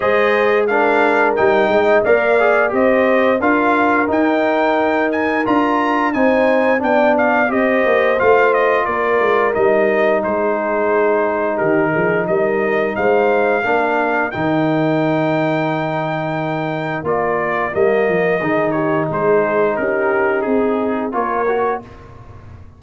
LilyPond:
<<
  \new Staff \with { instrumentName = "trumpet" } { \time 4/4 \tempo 4 = 88 dis''4 f''4 g''4 f''4 | dis''4 f''4 g''4. gis''8 | ais''4 gis''4 g''8 f''8 dis''4 | f''8 dis''8 d''4 dis''4 c''4~ |
c''4 ais'4 dis''4 f''4~ | f''4 g''2.~ | g''4 d''4 dis''4. cis''8 | c''4 ais'4 gis'4 cis''4 | }
  \new Staff \with { instrumentName = "horn" } { \time 4/4 c''4 ais'4. dis''8 d''4 | c''4 ais'2.~ | ais'4 c''4 d''4 c''4~ | c''4 ais'2 gis'4~ |
gis'4 g'8 gis'8 ais'4 c''4 | ais'1~ | ais'2. gis'8 g'8 | gis'4 g'4 gis'4 ais'4 | }
  \new Staff \with { instrumentName = "trombone" } { \time 4/4 gis'4 d'4 dis'4 ais'8 gis'8 | g'4 f'4 dis'2 | f'4 dis'4 d'4 g'4 | f'2 dis'2~ |
dis'1 | d'4 dis'2.~ | dis'4 f'4 ais4 dis'4~ | dis'2. f'8 fis'8 | }
  \new Staff \with { instrumentName = "tuba" } { \time 4/4 gis2 g8 gis8 ais4 | c'4 d'4 dis'2 | d'4 c'4 b4 c'8 ais8 | a4 ais8 gis8 g4 gis4~ |
gis4 dis8 f8 g4 gis4 | ais4 dis2.~ | dis4 ais4 g8 f8 dis4 | gis4 cis'4 c'4 ais4 | }
>>